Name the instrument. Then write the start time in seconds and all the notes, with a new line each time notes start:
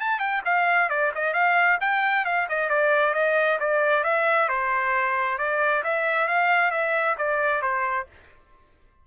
trumpet
0.00 A5
0.19 G5
0.45 F5
0.89 D5
1.15 D#5
1.33 F5
1.80 G5
2.25 F5
2.49 D#5
2.69 D5
3.13 D#5
3.59 D5
4.04 E5
4.48 C5
5.38 D5
5.84 E5
6.28 F5
6.71 E5
7.17 D5
7.61 C5